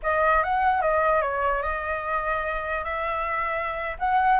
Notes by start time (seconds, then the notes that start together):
0.02 D#5
0.43 F#5
0.81 D#5
1.21 C#5
1.62 D#5
2.84 E5
3.99 F#5